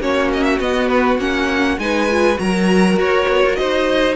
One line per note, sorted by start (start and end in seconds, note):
0.00 0.59 A#3
0.00 0.60 C#4
0.00 1.80 F#4
0.00 0.32 C#5
0.33 0.44 D#5
0.44 0.59 E5
0.60 1.18 B3
0.60 1.20 B3
0.60 0.88 D#5
0.88 1.18 B4
1.18 1.78 A#3
1.18 1.79 C#4
1.18 1.79 F#5
1.78 2.38 G#3
1.78 2.09 D#4
1.78 2.41 B4
1.78 2.38 G#5
2.11 2.36 F4
2.36 2.97 F#3
2.36 4.14 F#4
2.36 3.59 A#4
2.36 2.99 A#5
2.97 3.26 F#4
2.97 3.56 C#5
3.29 3.44 B3
3.44 3.59 F4
3.56 4.16 D#4
3.56 4.16 C5
3.56 4.15 D#5